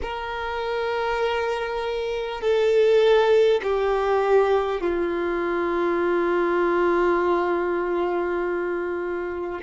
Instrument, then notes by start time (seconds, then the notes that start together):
violin
0.02 A#4
2.41 A4
3.63 G4
4.80 F4